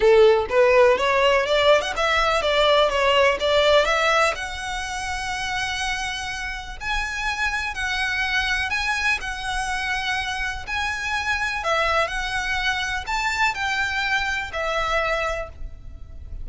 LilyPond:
\new Staff \with { instrumentName = "violin" } { \time 4/4 \tempo 4 = 124 a'4 b'4 cis''4 d''8. fis''16 | e''4 d''4 cis''4 d''4 | e''4 fis''2.~ | fis''2 gis''2 |
fis''2 gis''4 fis''4~ | fis''2 gis''2 | e''4 fis''2 a''4 | g''2 e''2 | }